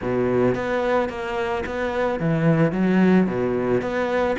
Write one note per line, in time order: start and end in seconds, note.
0.01 0.55 B2
0.55 1.09 B3
1.09 1.64 A#3
1.66 2.19 B3
2.19 2.72 E3
2.72 3.26 F#3
3.27 3.81 B2
3.81 4.36 B3